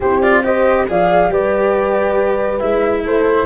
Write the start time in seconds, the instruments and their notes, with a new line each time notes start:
0.00 tuba C4, cello E4, horn G4, flute C5
0.21 cello F4, flute D5
0.43 cello G4, horn C5, flute D#5
0.87 tuba F3, cello G#4, horn D5, flute F5
1.29 tuba G3, cello G4, horn B4, flute D5
2.59 tuba G#3, cello E4, flute E5
3.03 tuba A3, horn A4, flute C5